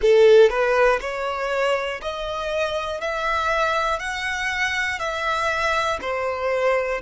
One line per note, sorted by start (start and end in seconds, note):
0.01 0.50 A4
0.50 1.00 B4
1.00 2.00 C#5
2.01 3.00 D#5
3.00 3.99 E5
3.99 4.99 F#5
4.99 5.99 E5
6.01 7.01 C5